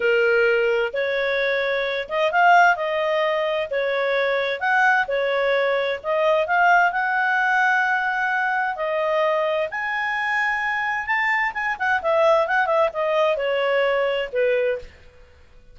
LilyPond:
\new Staff \with { instrumentName = "clarinet" } { \time 4/4 \tempo 4 = 130 ais'2 cis''2~ | cis''8 dis''8 f''4 dis''2 | cis''2 fis''4 cis''4~ | cis''4 dis''4 f''4 fis''4~ |
fis''2. dis''4~ | dis''4 gis''2. | a''4 gis''8 fis''8 e''4 fis''8 e''8 | dis''4 cis''2 b'4 | }